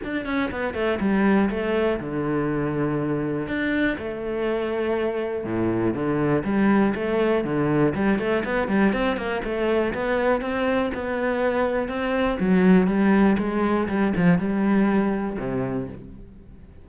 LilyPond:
\new Staff \with { instrumentName = "cello" } { \time 4/4 \tempo 4 = 121 d'8 cis'8 b8 a8 g4 a4 | d2. d'4 | a2. a,4 | d4 g4 a4 d4 |
g8 a8 b8 g8 c'8 ais8 a4 | b4 c'4 b2 | c'4 fis4 g4 gis4 | g8 f8 g2 c4 | }